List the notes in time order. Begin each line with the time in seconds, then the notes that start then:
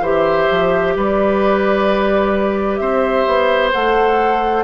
0.00 E3 G4 C5 E5
0.50 F3
0.96 G3 B4 D5
2.77 C4 C5 E5
3.27 B3
3.72 A3 A4 F#5